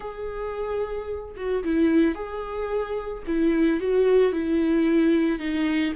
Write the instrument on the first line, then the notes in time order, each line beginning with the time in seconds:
viola
0.00 G#4
1.36 F#4
1.63 E4
2.14 G#4
3.26 E4
3.80 F#4
4.32 E4
5.39 D#4